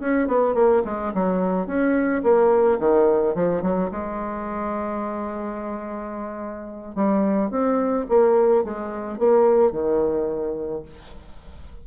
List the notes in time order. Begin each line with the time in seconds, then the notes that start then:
0.00 C#4
0.28 B3
0.55 A#3
0.85 G#3
1.14 F#3
1.67 C#4
2.23 A#3
2.79 D#3
3.35 F3
3.62 F#3
3.91 G#3
6.95 G3
7.50 C4
8.09 A#3
8.64 G#3
9.18 A#3
9.71 D#3